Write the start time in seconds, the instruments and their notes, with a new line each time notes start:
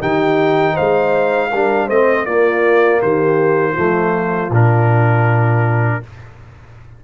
0.00 tuba D#3, trombone D#4, horn G4, trumpet G5
0.74 horn C5, trumpet F5
0.80 tuba G#3
1.50 tuba G3, trombone D4, horn A#4
1.87 tuba A3, trombone C4, horn C5, trumpet D#5
2.26 tuba A#3, trombone A#3, horn F4, trumpet D5
3.02 tuba D#3, horn G4, trumpet C5
3.72 tuba F3, trombone A3, horn F4
4.50 tuba A#2, trombone D4, trumpet A#4